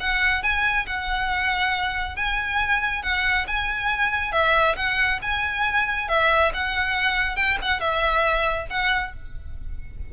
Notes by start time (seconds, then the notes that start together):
0.00 F#5
0.43 G#5
0.87 F#5
2.16 G#5
3.03 F#5
3.47 G#5
4.32 E5
4.76 F#5
5.22 G#5
6.09 E5
6.54 F#5
7.36 G5
7.62 F#5
7.80 E5
8.70 F#5